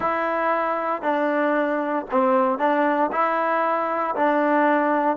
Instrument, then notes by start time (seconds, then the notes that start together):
trombone
0.00 E4
1.02 D4
2.10 C4
2.58 D4
3.11 E4
4.15 D4